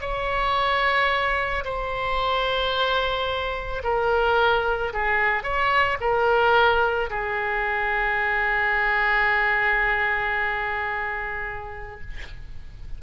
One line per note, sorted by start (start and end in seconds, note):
0.00 1.64 C#5
1.64 3.82 C5
3.83 4.92 A#4
4.93 5.43 G#4
5.43 5.98 C#5
6.00 7.09 A#4
7.10 12.00 G#4